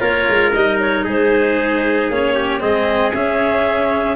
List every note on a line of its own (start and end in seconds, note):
0.00 0.27 A#3
0.00 0.52 F4
0.00 1.04 A#4
0.00 0.53 C#5
0.29 0.55 G#3
0.53 1.06 G3
0.53 2.12 D#4
0.53 0.79 D#5
0.80 1.06 C#5
1.04 2.10 G#3
1.04 2.35 G#4
1.04 2.12 C5
2.10 2.62 A#3
2.10 2.60 C#4
2.10 2.61 C#5
2.35 2.61 G4
2.60 3.14 G#3
2.60 3.12 C4
2.60 4.16 G#4
2.60 3.13 D#5
3.14 4.16 C#4
3.14 4.16 E5